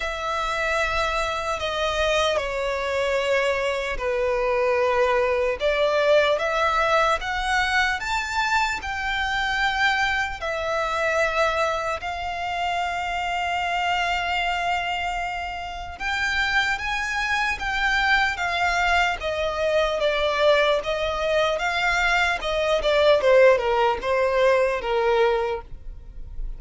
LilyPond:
\new Staff \with { instrumentName = "violin" } { \time 4/4 \tempo 4 = 75 e''2 dis''4 cis''4~ | cis''4 b'2 d''4 | e''4 fis''4 a''4 g''4~ | g''4 e''2 f''4~ |
f''1 | g''4 gis''4 g''4 f''4 | dis''4 d''4 dis''4 f''4 | dis''8 d''8 c''8 ais'8 c''4 ais'4 | }